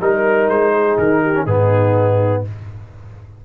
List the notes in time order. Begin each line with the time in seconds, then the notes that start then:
0.00 G3 D#4 A#4
0.48 G#3 C5
0.73 G#4
0.97 D#3 A#4
1.22 G4
1.34 C#4
1.43 G#2 B3 D#4 G#4